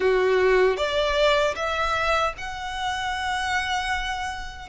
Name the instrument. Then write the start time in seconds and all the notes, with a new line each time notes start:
violin
0.00 F#4
0.77 D5
1.55 E5
2.37 F#5